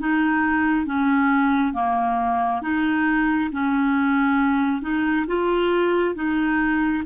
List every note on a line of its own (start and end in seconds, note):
0.00 0.86 D#4
0.86 1.74 C#4
1.74 2.62 A#3
2.62 3.51 D#4
3.52 4.82 C#4
4.82 5.26 D#4
5.27 6.16 F4
6.16 7.04 D#4